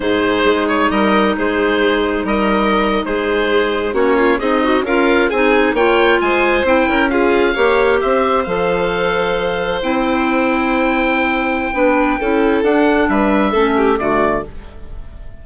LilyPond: <<
  \new Staff \with { instrumentName = "oboe" } { \time 4/4 \tempo 4 = 133 c''4. cis''8 dis''4 c''4~ | c''4 dis''4.~ dis''16 c''4~ c''16~ | c''8. cis''4 dis''4 f''4 gis''16~ | gis''8. g''4 gis''4 g''4 f''16~ |
f''4.~ f''16 e''4 f''4~ f''16~ | f''4.~ f''16 g''2~ g''16~ | g''1 | fis''4 e''2 d''4 | }
  \new Staff \with { instrumentName = "violin" } { \time 4/4 gis'2 ais'4 gis'4~ | gis'4 ais'4.~ ais'16 gis'4~ gis'16~ | gis'8. fis'8 f'8 dis'4 ais'4 gis'16~ | gis'8. cis''4 c''4. ais'8 gis'16~ |
gis'8. cis''4 c''2~ c''16~ | c''1~ | c''2 b'4 a'4~ | a'4 b'4 a'8 g'8 fis'4 | }
  \new Staff \with { instrumentName = "clarinet" } { \time 4/4 dis'1~ | dis'1~ | dis'8. cis'4 gis'8 fis'8 f'4 dis'16~ | dis'8. f'2 e'4 f'16~ |
f'8. g'2 a'4~ a'16~ | a'4.~ a'16 e'2~ e'16~ | e'2 d'4 e'4 | d'2 cis'4 a4 | }
  \new Staff \with { instrumentName = "bassoon" } { \time 4/4 gis,4 gis4 g4 gis4~ | gis4 g4.~ g16 gis4~ gis16~ | gis8. ais4 c'4 cis'4 c'16~ | c'8. ais4 gis4 c'8 cis'8.~ |
cis'8. ais4 c'4 f4~ f16~ | f4.~ f16 c'2~ c'16~ | c'2 b4 cis'4 | d'4 g4 a4 d4 | }
>>